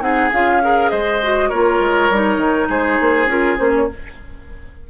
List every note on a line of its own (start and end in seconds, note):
0.00 0.30 C4
0.00 0.30 D#4
0.00 0.63 G#4
0.00 0.31 F#5
0.32 0.92 C#4
0.32 0.62 F4
0.32 0.90 F5
0.62 1.21 G#4
0.62 0.91 A#4
0.90 1.51 G#3
0.90 1.49 C5
0.90 1.50 D#5
1.23 1.52 F#4
1.49 1.80 A#3
1.49 2.12 F4
1.49 2.68 A#4
1.49 2.68 C#5
1.80 2.09 G#3
2.10 2.37 G3
2.10 3.29 D#4
2.37 2.67 D#3
2.69 2.99 G#3
2.69 3.88 G#4
2.69 3.30 C5
3.00 3.26 A#3
3.26 3.56 C#4
3.26 3.58 F4
3.26 3.58 A#4
3.58 3.89 A#3
3.58 3.88 C#4
3.58 3.73 C5
3.75 3.90 C#5